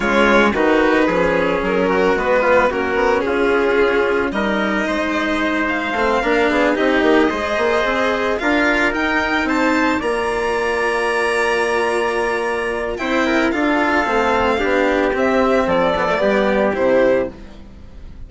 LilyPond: <<
  \new Staff \with { instrumentName = "violin" } { \time 4/4 \tempo 4 = 111 cis''4 b'2 ais'4 | b'4 ais'4 gis'2 | dis''2~ dis''8 f''4.~ | f''8 dis''2. f''8~ |
f''8 g''4 a''4 ais''4.~ | ais''1 | g''4 f''2. | e''4 d''2 c''4 | }
  \new Staff \with { instrumentName = "trumpet" } { \time 4/4 f'4 fis'4 gis'4. fis'8~ | fis'8 f'8 fis'4 f'2 | ais'4 c''2~ c''8 ais'8 | gis'8 g'4 c''2 ais'8~ |
ais'4. c''4 d''4.~ | d''1 | c''8 ais'8 a'2 g'4~ | g'4 a'4 g'2 | }
  \new Staff \with { instrumentName = "cello" } { \time 4/4 gis4 dis'4 cis'2 | b4 cis'2. | dis'2. c'8 d'8~ | d'8 dis'4 gis'2 f'8~ |
f'8 dis'2 f'4.~ | f'1 | e'4 f'4 c'4 d'4 | c'4. b16 a16 b4 e'4 | }
  \new Staff \with { instrumentName = "bassoon" } { \time 4/4 cis4 dis4 f4 fis4 | gis4 ais8 b8 cis'2 | g4 gis2 a8 ais8 | b8 c'8 ais8 gis8 ais8 c'4 d'8~ |
d'8 dis'4 c'4 ais4.~ | ais1 | c'4 d'4 a4 b4 | c'4 f4 g4 c4 | }
>>